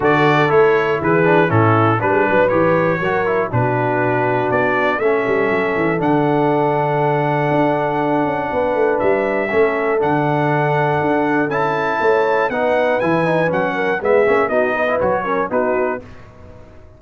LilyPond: <<
  \new Staff \with { instrumentName = "trumpet" } { \time 4/4 \tempo 4 = 120 d''4 cis''4 b'4 a'4 | b'4 cis''2 b'4~ | b'4 d''4 e''2 | fis''1~ |
fis''2 e''2 | fis''2. a''4~ | a''4 fis''4 gis''4 fis''4 | e''4 dis''4 cis''4 b'4 | }
  \new Staff \with { instrumentName = "horn" } { \time 4/4 a'2 gis'4 e'4 | b'16 gis'16 b'4. ais'4 fis'4~ | fis'2 a'2~ | a'1~ |
a'4 b'2 a'4~ | a'1 | cis''4 b'2~ b'8 ais'8 | gis'4 fis'8 b'4 ais'8 fis'4 | }
  \new Staff \with { instrumentName = "trombone" } { \time 4/4 fis'4 e'4. d'8 cis'4 | d'4 g'4 fis'8 e'8 d'4~ | d'2 cis'2 | d'1~ |
d'2. cis'4 | d'2. e'4~ | e'4 dis'4 e'8 dis'8 cis'4 | b8 cis'8 dis'8. e'16 fis'8 cis'8 dis'4 | }
  \new Staff \with { instrumentName = "tuba" } { \time 4/4 d4 a4 e4 a,4 | g8 fis8 e4 fis4 b,4~ | b,4 b4 a8 g8 fis8 e8 | d2. d'4~ |
d'8 cis'8 b8 a8 g4 a4 | d2 d'4 cis'4 | a4 b4 e4 fis4 | gis8 ais8 b4 fis4 b4 | }
>>